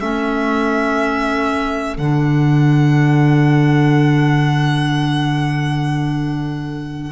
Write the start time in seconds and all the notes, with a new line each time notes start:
0.00 A3 C#4 A4 E5
1.97 D3 D4 F#5